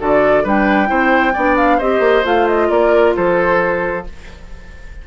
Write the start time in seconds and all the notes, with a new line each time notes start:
0.00 D3 F#4 A4 D5
0.44 G3 D4 B4 G5
0.87 C4 E4 C5
1.34 B3 D4 D5
1.57 F5
1.78 C4 G4 C5 D#5
2.00 A#3
2.24 A3 F4 F5
2.48 D#5
2.70 A#3 A#4 D5
3.16 F3 A4 C5